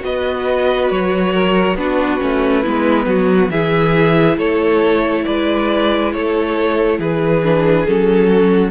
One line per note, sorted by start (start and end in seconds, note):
0.00 0.90 B3
0.00 1.74 F#4
0.00 1.33 B4
0.00 0.90 D#5
0.90 1.74 F#3
0.90 1.77 C#5
1.33 1.76 A#4
1.74 2.18 B3
1.74 2.20 D4
1.74 2.62 F#4
1.74 3.50 B4
2.20 2.66 A3
2.20 2.63 C#4
2.62 3.06 G#3
2.62 3.51 B3
2.62 3.05 E4
3.06 3.49 F#3
3.06 3.51 F#4
3.50 4.37 E3
3.50 7.43 E4
3.50 4.37 G#4
3.50 4.37 E5
4.37 5.24 A3
4.37 5.24 A4
4.37 5.24 C#5
5.24 6.14 G#3
5.24 6.14 B4
5.24 6.11 D5
6.12 6.99 A3
6.12 6.98 A4
6.12 6.99 C#5
6.98 7.86 E3
6.98 8.28 G#4
6.98 7.86 B4
7.43 7.86 D4
7.86 8.70 F#3
7.86 8.70 C#4
7.86 8.70 A4
8.28 8.70 F#4